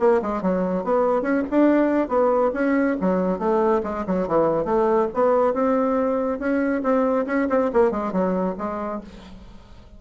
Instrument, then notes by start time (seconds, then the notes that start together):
bassoon
0.00 A#3
0.22 G#3
0.42 F#3
0.85 B3
1.22 C#4
1.51 D4
2.09 B3
2.54 C#4
3.01 F#3
3.39 A3
3.84 G#3
4.07 F#3
4.28 E3
4.65 A3
5.14 B3
5.54 C4
6.40 C#4
6.84 C4
7.27 C#4
7.50 C4
7.74 A#3
7.91 G#3
8.13 F#3
8.59 G#3